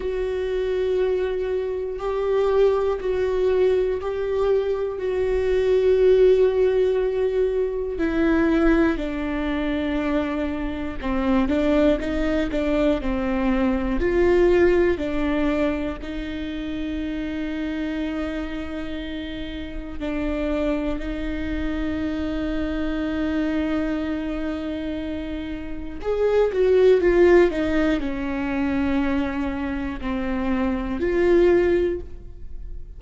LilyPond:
\new Staff \with { instrumentName = "viola" } { \time 4/4 \tempo 4 = 60 fis'2 g'4 fis'4 | g'4 fis'2. | e'4 d'2 c'8 d'8 | dis'8 d'8 c'4 f'4 d'4 |
dis'1 | d'4 dis'2.~ | dis'2 gis'8 fis'8 f'8 dis'8 | cis'2 c'4 f'4 | }